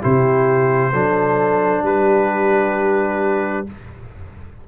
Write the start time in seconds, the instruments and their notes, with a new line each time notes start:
0.00 tuba C3, trombone E4, horn G4, trumpet C5
0.91 tuba F#3, trombone D4, horn A4
1.83 tuba G3, horn G4, trumpet B4